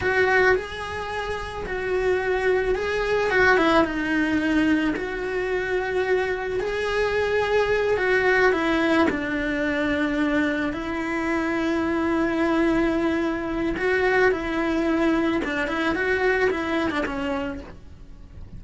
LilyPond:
\new Staff \with { instrumentName = "cello" } { \time 4/4 \tempo 4 = 109 fis'4 gis'2 fis'4~ | fis'4 gis'4 fis'8 e'8 dis'4~ | dis'4 fis'2. | gis'2~ gis'8 fis'4 e'8~ |
e'8 d'2. e'8~ | e'1~ | e'4 fis'4 e'2 | d'8 e'8 fis'4 e'8. d'16 cis'4 | }